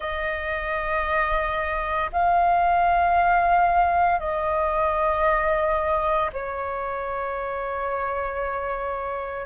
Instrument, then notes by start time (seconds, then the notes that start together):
flute
0.00 D#5
2.12 F5
4.19 D#5
6.32 C#5